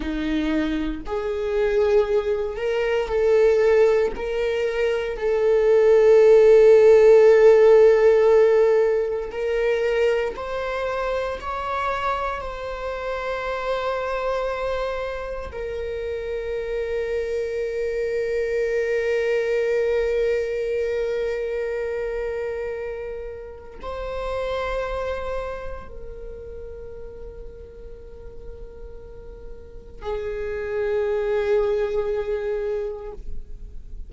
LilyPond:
\new Staff \with { instrumentName = "viola" } { \time 4/4 \tempo 4 = 58 dis'4 gis'4. ais'8 a'4 | ais'4 a'2.~ | a'4 ais'4 c''4 cis''4 | c''2. ais'4~ |
ais'1~ | ais'2. c''4~ | c''4 ais'2.~ | ais'4 gis'2. | }